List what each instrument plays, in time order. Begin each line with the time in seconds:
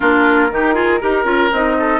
0.00 bassoon A#3, clarinet D4, oboe F4, flute A#4
0.50 bassoon D#3, clarinet D#4, oboe G4
0.74 clarinet F4, oboe G#4
1.00 bassoon D#4, clarinet G4, oboe A#4
1.24 bassoon C#4, clarinet F4
1.52 bassoon C4, clarinet D#4, flute D#5
1.78 oboe A4